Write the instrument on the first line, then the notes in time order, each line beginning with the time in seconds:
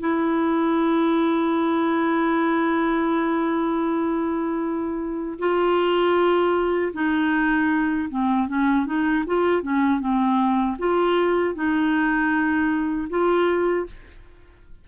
clarinet
0.00 E4
5.39 F4
6.93 D#4
8.09 C4
8.48 C#4
8.86 D#4
9.27 F4
9.63 C#4
10.00 C4
10.78 F4
11.55 D#4
13.10 F4